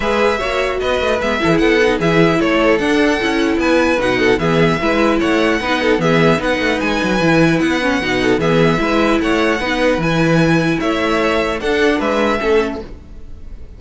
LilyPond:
<<
  \new Staff \with { instrumentName = "violin" } { \time 4/4 \tempo 4 = 150 e''2 dis''4 e''4 | fis''4 e''4 cis''4 fis''4~ | fis''4 gis''4 fis''4 e''4~ | e''4 fis''2 e''4 |
fis''4 gis''2 fis''4~ | fis''4 e''2 fis''4~ | fis''4 gis''2 e''4~ | e''4 fis''4 e''2 | }
  \new Staff \with { instrumentName = "violin" } { \time 4/4 b'4 cis''4 b'4. a'16 gis'16 | a'4 gis'4 a'2~ | a'4 b'4. a'8 gis'4 | b'4 cis''4 b'8 a'8 gis'4 |
b'1~ | b'8 a'8 gis'4 b'4 cis''4 | b'2. cis''4~ | cis''4 a'4 b'4 a'4 | }
  \new Staff \with { instrumentName = "viola" } { \time 4/4 gis'4 fis'2 b8 e'8~ | e'8 dis'8 e'2 d'4 | e'2 dis'4 b4 | e'2 dis'4 b4 |
dis'2 e'4. cis'8 | dis'4 b4 e'2 | dis'4 e'2.~ | e'4 d'2 cis'4 | }
  \new Staff \with { instrumentName = "cello" } { \time 4/4 gis4 ais4 b8 a8 gis8 e8 | b4 e4 a4 d'4 | cis'4 b4 b,4 e4 | gis4 a4 b4 e4 |
b8 a8 gis8 fis8 e4 b4 | b,4 e4 gis4 a4 | b4 e2 a4~ | a4 d'4 gis4 a4 | }
>>